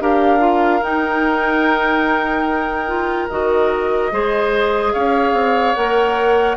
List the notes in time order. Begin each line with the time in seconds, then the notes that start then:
0.00 D4 G4 A#4 F5
0.39 F4
0.82 D#4 G5
2.87 F4
3.29 D#3 F#4 D#5
4.11 G#3 G#4 C5
4.93 C#4 C#5 F5
5.33 C4
5.74 A#3 A#4 F#5